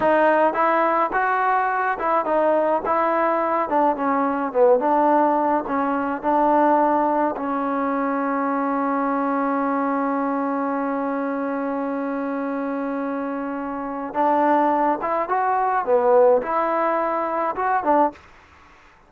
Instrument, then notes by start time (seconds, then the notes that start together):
trombone
0.00 D#4
0.53 E4
1.12 F#4
1.98 E4
2.25 D#4
2.85 E4
3.69 D4
3.95 C#4
4.52 B3
4.79 D4
5.67 C#4
6.22 D4
7.36 C#4
14.14 D4
15.01 E4
15.28 F#4
15.85 B3
16.42 E4
17.55 F#4
17.83 D4